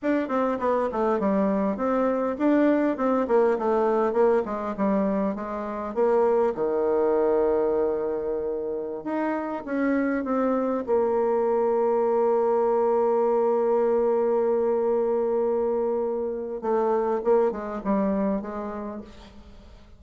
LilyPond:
\new Staff \with { instrumentName = "bassoon" } { \time 4/4 \tempo 4 = 101 d'8 c'8 b8 a8 g4 c'4 | d'4 c'8 ais8 a4 ais8 gis8 | g4 gis4 ais4 dis4~ | dis2.~ dis16 dis'8.~ |
dis'16 cis'4 c'4 ais4.~ ais16~ | ais1~ | ais1 | a4 ais8 gis8 g4 gis4 | }